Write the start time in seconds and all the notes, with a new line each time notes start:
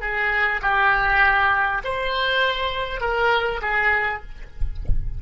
0.00 G#4
0.61 G4
1.84 C5
3.01 A#4
3.62 G#4